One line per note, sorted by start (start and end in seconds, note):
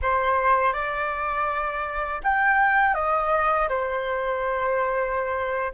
0.02 0.73 C5
0.73 2.21 D5
2.23 2.94 G5
2.94 3.68 D#5
3.68 5.72 C5